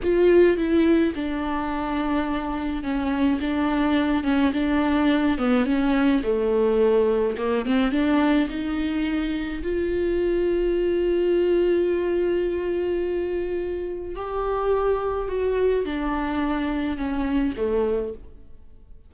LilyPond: \new Staff \with { instrumentName = "viola" } { \time 4/4 \tempo 4 = 106 f'4 e'4 d'2~ | d'4 cis'4 d'4. cis'8 | d'4. b8 cis'4 a4~ | a4 ais8 c'8 d'4 dis'4~ |
dis'4 f'2.~ | f'1~ | f'4 g'2 fis'4 | d'2 cis'4 a4 | }